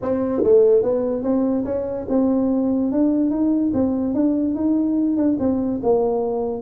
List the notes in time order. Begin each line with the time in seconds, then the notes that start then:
0.02 C4
0.43 A3
0.82 B3
1.23 C4
1.65 C#4
2.08 C4
2.91 D4
3.30 D#4
3.73 C4
4.14 D4
4.55 D#4
5.16 D4
5.39 C4
5.82 A#3